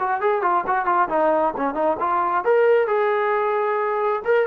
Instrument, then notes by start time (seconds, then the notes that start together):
trombone
0.00 F#4
0.21 G#4
0.42 F4
0.67 F#4
0.86 F4
1.09 D#4
1.57 C#4
1.75 D#4
2.00 F4
2.45 A#4
2.87 G#4
4.25 A#4